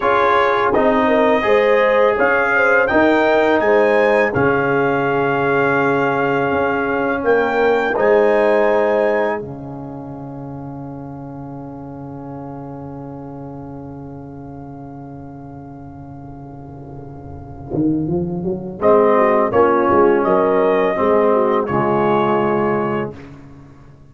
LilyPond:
<<
  \new Staff \with { instrumentName = "trumpet" } { \time 4/4 \tempo 4 = 83 cis''4 dis''2 f''4 | g''4 gis''4 f''2~ | f''2 g''4 gis''4~ | gis''4 f''2.~ |
f''1~ | f''1~ | f''2 dis''4 cis''4 | dis''2 cis''2 | }
  \new Staff \with { instrumentName = "horn" } { \time 4/4 gis'4. ais'8 c''4 cis''8 c''8 | ais'4 c''4 gis'2~ | gis'2 ais'4 c''4~ | c''4 gis'2.~ |
gis'1~ | gis'1~ | gis'2~ gis'8 fis'8 f'4 | ais'4 gis'8 fis'8 f'2 | }
  \new Staff \with { instrumentName = "trombone" } { \time 4/4 f'4 dis'4 gis'2 | dis'2 cis'2~ | cis'2. dis'4~ | dis'4 cis'2.~ |
cis'1~ | cis'1~ | cis'2 c'4 cis'4~ | cis'4 c'4 gis2 | }
  \new Staff \with { instrumentName = "tuba" } { \time 4/4 cis'4 c'4 gis4 cis'4 | dis'4 gis4 cis2~ | cis4 cis'4 ais4 gis4~ | gis4 cis2.~ |
cis1~ | cis1~ | cis8 dis8 f8 fis8 gis4 ais8 gis8 | fis4 gis4 cis2 | }
>>